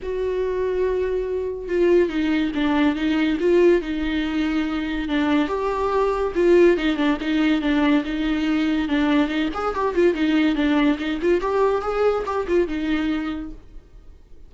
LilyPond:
\new Staff \with { instrumentName = "viola" } { \time 4/4 \tempo 4 = 142 fis'1 | f'4 dis'4 d'4 dis'4 | f'4 dis'2. | d'4 g'2 f'4 |
dis'8 d'8 dis'4 d'4 dis'4~ | dis'4 d'4 dis'8 gis'8 g'8 f'8 | dis'4 d'4 dis'8 f'8 g'4 | gis'4 g'8 f'8 dis'2 | }